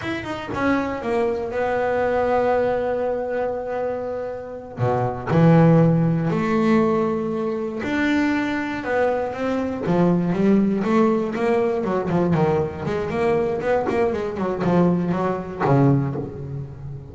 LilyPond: \new Staff \with { instrumentName = "double bass" } { \time 4/4 \tempo 4 = 119 e'8 dis'8 cis'4 ais4 b4~ | b1~ | b4. b,4 e4.~ | e8 a2. d'8~ |
d'4. b4 c'4 f8~ | f8 g4 a4 ais4 fis8 | f8 dis4 gis8 ais4 b8 ais8 | gis8 fis8 f4 fis4 cis4 | }